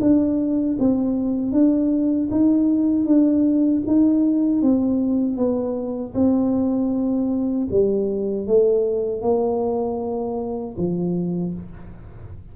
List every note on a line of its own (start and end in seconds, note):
0.00 0.77 D4
0.79 1.52 C4
1.52 2.29 D4
2.30 3.05 D#4
3.05 3.82 D4
3.86 4.62 D#4
4.62 5.36 C4
5.36 6.13 B3
6.14 7.68 C4
7.70 8.47 G3
8.47 9.21 A3
9.21 10.75 A#3
10.77 11.53 F3